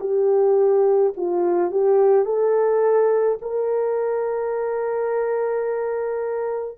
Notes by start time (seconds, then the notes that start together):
0.00 G4
1.17 F4
1.71 G4
2.25 A4
3.42 A#4